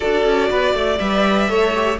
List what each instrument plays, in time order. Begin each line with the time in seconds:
0.00 cello D4, viola F#4, violin A4 D5
0.25 cello C#4
0.50 cello B3, violin B4
0.74 cello A3, violin D5
0.98 cello G3, viola B4, violin E5
1.49 cello A3, viola A4, violin C#5
1.74 viola G4